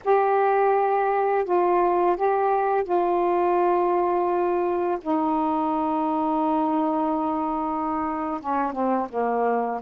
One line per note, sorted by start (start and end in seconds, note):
0.04 1.44 G4
1.44 2.16 F4
2.16 2.84 G4
2.84 4.98 F4
5.01 8.40 D#4
8.40 8.72 C#4
8.72 9.08 C4
9.09 9.81 A#3